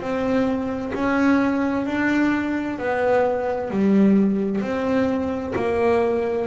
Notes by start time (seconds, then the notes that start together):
0.00 C4
0.94 C#4
1.86 D4
2.78 B3
3.70 G3
4.61 C4
5.56 A#3